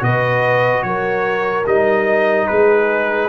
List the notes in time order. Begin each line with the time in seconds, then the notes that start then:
0.00 B2 F#4 B4 D#5
0.83 F#3 A#4 C#5
1.67 G3 D#4 D#5
2.48 G#3 G#4 B4